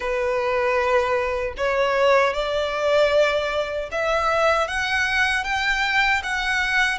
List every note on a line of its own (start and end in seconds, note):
0.00 1.54 B4
1.57 2.33 C#5
2.33 3.89 D5
3.91 4.67 E5
4.67 5.44 F#5
5.44 6.22 G5
6.23 6.98 F#5